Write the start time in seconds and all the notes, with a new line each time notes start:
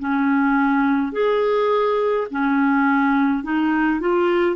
0.00 C#4
1.13 G#4
2.31 C#4
3.44 D#4
4.01 F4